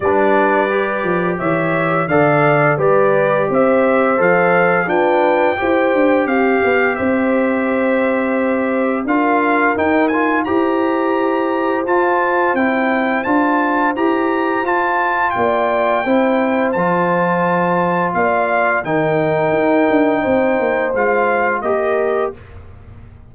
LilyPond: <<
  \new Staff \with { instrumentName = "trumpet" } { \time 4/4 \tempo 4 = 86 d''2 e''4 f''4 | d''4 e''4 f''4 g''4~ | g''4 f''4 e''2~ | e''4 f''4 g''8 gis''8 ais''4~ |
ais''4 a''4 g''4 a''4 | ais''4 a''4 g''2 | a''2 f''4 g''4~ | g''2 f''4 dis''4 | }
  \new Staff \with { instrumentName = "horn" } { \time 4/4 b'2 cis''4 d''4 | b'4 c''2 b'4 | c''4 g'4 c''2~ | c''4 ais'2 c''4~ |
c''1~ | c''2 d''4 c''4~ | c''2 d''4 ais'4~ | ais'4 c''2 ais'4 | }
  \new Staff \with { instrumentName = "trombone" } { \time 4/4 d'4 g'2 a'4 | g'2 a'4 d'4 | g'1~ | g'4 f'4 dis'8 f'8 g'4~ |
g'4 f'4 e'4 f'4 | g'4 f'2 e'4 | f'2. dis'4~ | dis'2 f'4 g'4 | }
  \new Staff \with { instrumentName = "tuba" } { \time 4/4 g4. f8 e4 d4 | g4 c'4 f4 f'4 | e'8 d'8 c'8 b8 c'2~ | c'4 d'4 dis'4 e'4~ |
e'4 f'4 c'4 d'4 | e'4 f'4 ais4 c'4 | f2 ais4 dis4 | dis'8 d'8 c'8 ais8 gis4 ais4 | }
>>